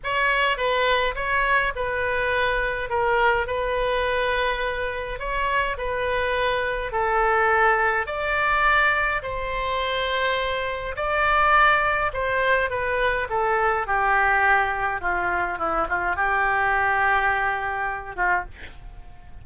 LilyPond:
\new Staff \with { instrumentName = "oboe" } { \time 4/4 \tempo 4 = 104 cis''4 b'4 cis''4 b'4~ | b'4 ais'4 b'2~ | b'4 cis''4 b'2 | a'2 d''2 |
c''2. d''4~ | d''4 c''4 b'4 a'4 | g'2 f'4 e'8 f'8 | g'2.~ g'8 f'8 | }